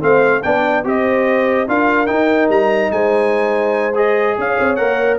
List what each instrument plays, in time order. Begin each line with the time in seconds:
0.00 tuba A3, trombone C4, horn C5, trumpet F5
0.42 tuba B3, trombone D4, horn D5, trumpet G5
0.84 tuba C4, trombone G4, horn C5, trumpet D#5
1.67 tuba D4, trombone F4, horn A#4, trumpet F5
2.06 trombone D#4, tuba D#4, trumpet G5
2.49 tuba G3, trumpet A#5
2.91 tuba G#3, horn C5, trumpet G#5
3.95 trombone G#4, trumpet D#5
4.37 tuba C#4, horn C#5, trumpet F5
4.59 tuba C4
4.75 tuba A#3, trombone A#4, trumpet F#5